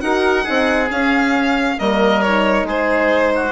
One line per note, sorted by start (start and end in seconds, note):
0.00 0.46 D#4
0.00 0.44 F#4
0.00 0.43 A#4
0.00 0.88 F#5
0.43 0.90 C4
0.43 0.88 D#4
0.43 1.75 G#4
0.90 1.78 C#4
0.90 1.79 C#4
0.90 1.79 F5
1.79 2.63 G3
1.79 2.23 A#3
1.79 2.67 A#4
1.79 2.22 D#5
2.22 3.52 D#4
2.22 2.66 C#5
2.63 3.51 G#3
2.63 3.33 G#4
2.63 3.52 C5
3.35 3.52 F#4